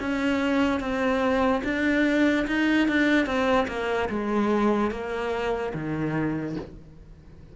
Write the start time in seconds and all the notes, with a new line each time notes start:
0.00 C#4
0.80 C4
1.64 D4
2.47 D#4
2.88 D4
3.26 C4
3.68 A#3
4.09 G#3
4.91 A#3
5.74 D#3